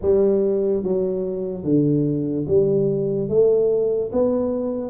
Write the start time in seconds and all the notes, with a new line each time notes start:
0.01 G3
0.83 F#3
1.64 D3
2.47 G3
3.29 A3
4.12 B3